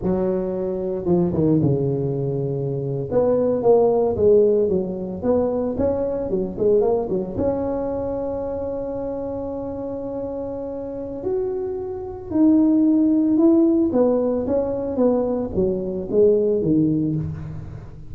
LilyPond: \new Staff \with { instrumentName = "tuba" } { \time 4/4 \tempo 4 = 112 fis2 f8 dis8 cis4~ | cis4.~ cis16 b4 ais4 gis16~ | gis8. fis4 b4 cis'4 fis16~ | fis16 gis8 ais8 fis8 cis'2~ cis'16~ |
cis'1~ | cis'4 fis'2 dis'4~ | dis'4 e'4 b4 cis'4 | b4 fis4 gis4 dis4 | }